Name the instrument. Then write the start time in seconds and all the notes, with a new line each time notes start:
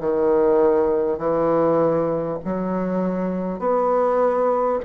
bassoon
0.00 D#3
1.18 E3
2.44 F#3
3.59 B3